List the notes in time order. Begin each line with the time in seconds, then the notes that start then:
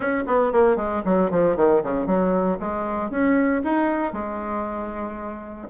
0.00 C#4
0.26 B3
0.52 A#3
0.76 G#3
1.05 F#3
1.30 F3
1.56 D#3
1.83 C#3
2.06 F#3
2.59 G#3
3.10 C#4
3.63 D#4
4.12 G#3